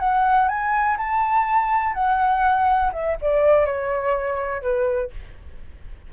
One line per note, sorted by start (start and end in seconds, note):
0.00 0.49 F#5
0.49 0.97 G#5
0.98 1.94 A5
1.94 2.92 F#5
2.93 3.17 E5
3.22 3.66 D5
3.66 4.62 C#5
4.62 5.11 B4